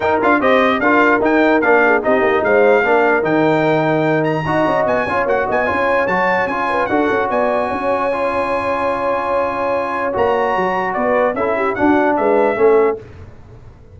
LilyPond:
<<
  \new Staff \with { instrumentName = "trumpet" } { \time 4/4 \tempo 4 = 148 g''8 f''8 dis''4 f''4 g''4 | f''4 dis''4 f''2 | g''2~ g''8 ais''4. | gis''4 fis''8 gis''4. a''4 |
gis''4 fis''4 gis''2~ | gis''1~ | gis''4 ais''2 d''4 | e''4 fis''4 e''2 | }
  \new Staff \with { instrumentName = "horn" } { \time 4/4 ais'4 c''4 ais'2~ | ais'8 gis'8 g'4 c''4 ais'4~ | ais'2. dis''4~ | dis''8 cis''4 dis''8 cis''2~ |
cis''8 b'8 a'4 d''4 cis''4~ | cis''1~ | cis''2. b'4 | a'8 g'8 fis'4 b'4 a'4 | }
  \new Staff \with { instrumentName = "trombone" } { \time 4/4 dis'8 f'8 g'4 f'4 dis'4 | d'4 dis'2 d'4 | dis'2. fis'4~ | fis'8 f'8 fis'4 f'4 fis'4 |
f'4 fis'2. | f'1~ | f'4 fis'2. | e'4 d'2 cis'4 | }
  \new Staff \with { instrumentName = "tuba" } { \time 4/4 dis'8 d'8 c'4 d'4 dis'4 | ais4 c'8 ais8 gis4 ais4 | dis2. dis'8 cis'8 | b8 cis'8 ais8 b8 cis'4 fis4 |
cis'4 d'8 cis'8 b4 cis'4~ | cis'1~ | cis'4 ais4 fis4 b4 | cis'4 d'4 gis4 a4 | }
>>